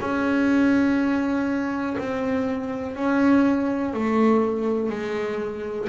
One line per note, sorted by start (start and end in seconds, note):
0.00 1.97 C#4
1.99 2.96 C4
2.96 3.93 C#4
3.93 4.90 A3
4.90 5.88 G#3